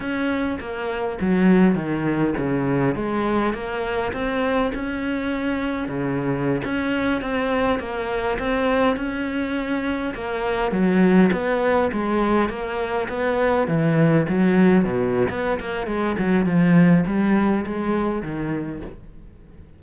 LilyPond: \new Staff \with { instrumentName = "cello" } { \time 4/4 \tempo 4 = 102 cis'4 ais4 fis4 dis4 | cis4 gis4 ais4 c'4 | cis'2 cis4~ cis16 cis'8.~ | cis'16 c'4 ais4 c'4 cis'8.~ |
cis'4~ cis'16 ais4 fis4 b8.~ | b16 gis4 ais4 b4 e8.~ | e16 fis4 b,8. b8 ais8 gis8 fis8 | f4 g4 gis4 dis4 | }